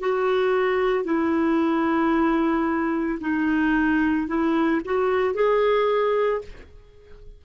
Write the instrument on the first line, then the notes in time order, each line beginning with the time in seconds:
clarinet
0.00 F#4
1.05 E4
3.21 D#4
4.28 E4
4.86 F#4
5.35 G#4